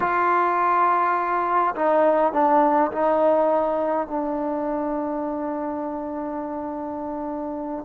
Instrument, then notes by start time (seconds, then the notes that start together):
trombone
0.00 F4
1.75 D#4
2.32 D4
2.91 D#4
4.07 D4